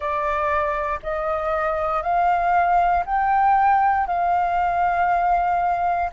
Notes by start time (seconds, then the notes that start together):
0.00 D5
1.02 D#5
2.02 F5
3.05 G5
4.06 F5